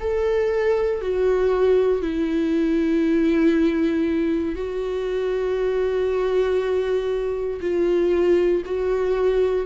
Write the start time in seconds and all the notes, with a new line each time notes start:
0.00 A4
1.01 F#4
2.02 E4
4.55 F#4
7.61 F4
8.65 F#4